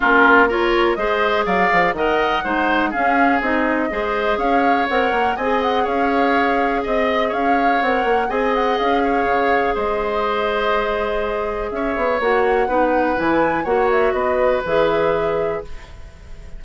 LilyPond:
<<
  \new Staff \with { instrumentName = "flute" } { \time 4/4 \tempo 4 = 123 ais'4 cis''4 dis''4 f''4 | fis''2 f''4 dis''4~ | dis''4 f''4 fis''4 gis''8 fis''8 | f''2 dis''4 f''4 |
fis''4 gis''8 fis''8 f''2 | dis''1 | e''4 fis''2 gis''4 | fis''8 e''8 dis''4 e''2 | }
  \new Staff \with { instrumentName = "oboe" } { \time 4/4 f'4 ais'4 c''4 d''4 | dis''4 c''4 gis'2 | c''4 cis''2 dis''4 | cis''2 dis''4 cis''4~ |
cis''4 dis''4. cis''4. | c''1 | cis''2 b'2 | cis''4 b'2. | }
  \new Staff \with { instrumentName = "clarinet" } { \time 4/4 cis'4 f'4 gis'2 | ais'4 dis'4 cis'4 dis'4 | gis'2 ais'4 gis'4~ | gis'1 |
ais'4 gis'2.~ | gis'1~ | gis'4 fis'4 dis'4 e'4 | fis'2 gis'2 | }
  \new Staff \with { instrumentName = "bassoon" } { \time 4/4 ais2 gis4 fis8 f8 | dis4 gis4 cis'4 c'4 | gis4 cis'4 c'8 ais8 c'4 | cis'2 c'4 cis'4 |
c'8 ais8 c'4 cis'4 cis4 | gis1 | cis'8 b8 ais4 b4 e4 | ais4 b4 e2 | }
>>